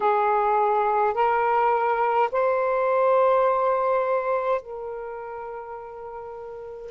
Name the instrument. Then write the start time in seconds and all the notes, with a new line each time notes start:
saxophone
0.00 G#4
1.14 A#4
2.31 C5
4.62 A#4